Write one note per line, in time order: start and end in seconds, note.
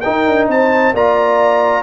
0.00 0.94 D#4
0.00 0.27 D#4
0.00 0.48 A#4
0.00 0.45 G5
0.27 0.47 D4
0.47 0.93 C4
0.47 0.94 C5
0.47 0.95 A5
0.93 1.82 A#3
0.93 1.82 F4
0.93 1.82 D5
0.93 1.82 A#5